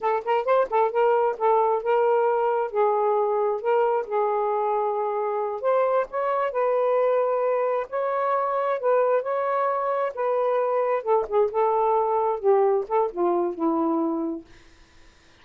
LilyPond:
\new Staff \with { instrumentName = "saxophone" } { \time 4/4 \tempo 4 = 133 a'8 ais'8 c''8 a'8 ais'4 a'4 | ais'2 gis'2 | ais'4 gis'2.~ | gis'8 c''4 cis''4 b'4.~ |
b'4. cis''2 b'8~ | b'8 cis''2 b'4.~ | b'8 a'8 gis'8 a'2 g'8~ | g'8 a'8 f'4 e'2 | }